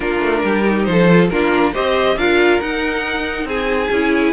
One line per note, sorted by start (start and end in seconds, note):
0.00 0.21 A#3
0.00 0.63 D4
0.00 0.42 F4
0.00 0.84 A#4
0.21 0.43 A3
0.44 0.87 G3
0.44 0.88 G4
0.63 1.07 D#4
0.84 1.30 F3
0.84 1.27 C5
0.91 1.32 A4
1.11 1.31 F4
1.29 1.74 A#3
1.29 1.73 D4
1.29 1.72 F4
1.29 1.73 A#4
1.72 2.16 C4
1.72 2.17 G4
1.72 2.15 C5
1.72 2.17 D#5
2.16 2.59 D4
2.16 2.61 F4
2.16 3.47 A#4
2.16 2.60 F5
2.60 3.44 D#4
2.60 3.92 D#4
2.60 3.47 F#5
3.44 3.88 C4
3.44 4.32 G#4
3.44 4.32 G#5
3.90 4.32 C#4
3.90 4.32 E4